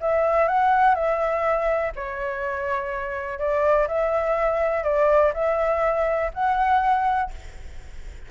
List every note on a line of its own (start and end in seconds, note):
0.00 0.48 E5
0.48 0.94 F#5
0.94 1.92 E5
1.95 3.39 C#5
3.39 3.87 D5
3.87 4.84 E5
4.84 5.32 D5
5.34 6.31 E5
6.33 7.31 F#5